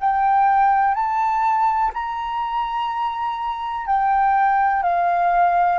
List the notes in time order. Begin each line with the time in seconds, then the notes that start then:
0.00 G5
0.95 A5
1.94 A#5
3.86 G5
4.83 F5